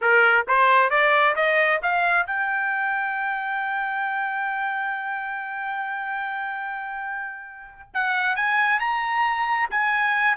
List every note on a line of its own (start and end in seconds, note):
0.01 0.46 A#4
0.47 0.90 C5
0.90 1.35 D5
1.35 1.80 D#5
1.82 2.26 F5
2.26 7.90 G5
7.94 8.36 F#5
8.36 8.79 G#5
8.79 9.69 A#5
9.70 10.36 G#5